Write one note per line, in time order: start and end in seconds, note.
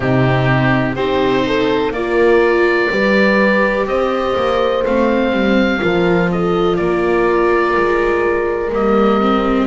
0.00 0.95 C3
0.00 0.96 C4
0.00 0.94 D#4
0.00 0.95 G4
0.94 1.91 C4
0.94 1.94 D#4
0.94 1.42 G4
0.94 1.92 C5
1.46 1.94 A4
1.91 2.87 A#3
1.91 2.90 F4
1.91 2.91 A#4
1.91 3.86 D5
2.90 3.86 G3
2.90 4.83 G4
2.90 3.87 B4
3.86 4.34 C4
3.86 5.81 C5
3.86 4.84 D#5
4.35 4.84 A#3
4.85 5.32 A3
4.85 5.79 C4
4.85 6.30 F5
5.32 5.80 G3
5.79 6.78 F3
5.79 8.69 F4
5.79 6.30 A#4
6.31 6.79 A4
6.31 6.76 D#5
6.76 7.75 A#3
6.76 9.67 A#4
6.76 8.70 D5
7.76 8.72 G#3
8.72 9.67 G3
8.72 9.20 A#3
8.72 9.67 D#5
9.20 9.67 C4